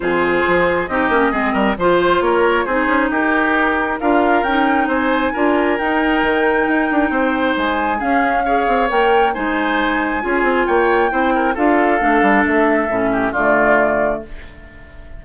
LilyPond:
<<
  \new Staff \with { instrumentName = "flute" } { \time 4/4 \tempo 4 = 135 c''2 dis''2 | c''4 cis''4 c''4 ais'4~ | ais'4 f''4 g''4 gis''4~ | gis''4 g''2.~ |
g''4 gis''4 f''2 | g''4 gis''2. | g''2 f''2 | e''2 d''2 | }
  \new Staff \with { instrumentName = "oboe" } { \time 4/4 gis'2 g'4 gis'8 ais'8 | c''4 ais'4 gis'4 g'4~ | g'4 ais'2 c''4 | ais'1 |
c''2 gis'4 cis''4~ | cis''4 c''2 gis'4 | cis''4 c''8 ais'8 a'2~ | a'4. g'8 f'2 | }
  \new Staff \with { instrumentName = "clarinet" } { \time 4/4 f'2 dis'8 cis'8 c'4 | f'2 dis'2~ | dis'4 f'4 dis'2 | f'4 dis'2.~ |
dis'2 cis'4 gis'4 | ais'4 dis'2 f'4~ | f'4 e'4 f'4 d'4~ | d'4 cis'4 a2 | }
  \new Staff \with { instrumentName = "bassoon" } { \time 4/4 f,4 f4 c'8 ais8 gis8 g8 | f4 ais4 c'8 cis'8 dis'4~ | dis'4 d'4 cis'4 c'4 | d'4 dis'4 dis4 dis'8 d'8 |
c'4 gis4 cis'4. c'8 | ais4 gis2 cis'8 c'8 | ais4 c'4 d'4 a8 g8 | a4 a,4 d2 | }
>>